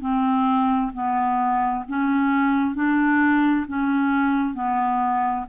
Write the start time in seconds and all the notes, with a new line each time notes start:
0.00 C4
0.93 B3
1.88 C#4
2.75 D4
3.67 C#4
4.54 B3